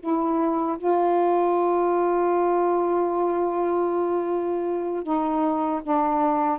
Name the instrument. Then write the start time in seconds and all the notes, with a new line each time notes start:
saxophone
0.00 E4
0.78 F4
5.04 D#4
5.83 D4